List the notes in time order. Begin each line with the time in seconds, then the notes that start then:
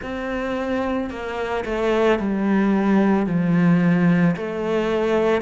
0.02 C4
1.10 A#3
1.65 A3
2.19 G3
3.26 F3
4.36 A3